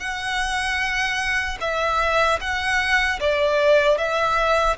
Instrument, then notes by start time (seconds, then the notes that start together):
violin
0.00 F#5
1.61 E5
2.40 F#5
3.20 D5
3.98 E5